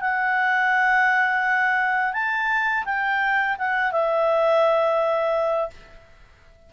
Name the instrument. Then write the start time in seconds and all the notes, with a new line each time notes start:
clarinet
0.00 F#5
2.13 A5
2.85 G5
3.58 F#5
3.92 E5